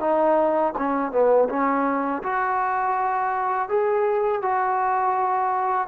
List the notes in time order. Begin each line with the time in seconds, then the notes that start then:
0.00 D#4
0.78 C#4
1.11 B3
1.49 C#4
2.23 F#4
3.69 G#4
4.42 F#4